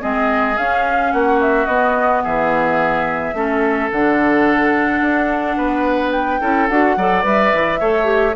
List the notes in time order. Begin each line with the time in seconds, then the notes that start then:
0.00 G#3 C4 G#4 D#5
0.57 C#4 F5
1.11 A#3 F#4 F#5
1.41 E5
1.66 B3 D#5
2.23 E3 G#4 E5
3.33 A3 C#4 A4
3.91 D3 D4 F#5
5.01 D4
5.56 B3 B4
6.11 G5
6.40 C#4 E4 A4
6.68 D4 F#4 F#5
6.96 F#3 A4 D5
7.23 G3 B4 E5
7.53 E3
7.79 A3 A4 C#5
8.04 G4